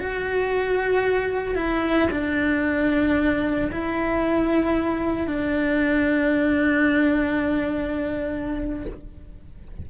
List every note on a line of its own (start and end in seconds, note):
0.00 1.56 F#4
1.56 2.09 E4
2.12 3.71 D4
3.72 5.27 E4
5.27 8.86 D4